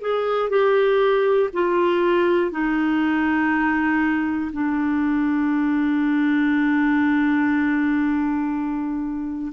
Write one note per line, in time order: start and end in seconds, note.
0.00 0.50 G#4
0.50 1.50 G4
1.53 2.50 F4
2.50 4.50 D#4
4.52 9.52 D4